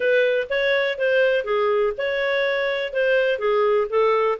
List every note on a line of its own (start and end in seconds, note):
0.00 0.47 B4
0.49 0.98 C#5
0.98 1.44 C5
1.44 1.93 G#4
1.97 2.93 C#5
2.93 3.39 C5
3.39 3.87 G#4
3.89 4.38 A4